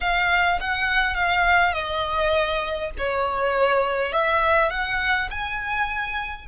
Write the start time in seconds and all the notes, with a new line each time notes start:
0.00 F5
0.60 F#5
1.14 F5
1.73 D#5
2.97 C#5
4.12 E5
4.70 F#5
5.30 G#5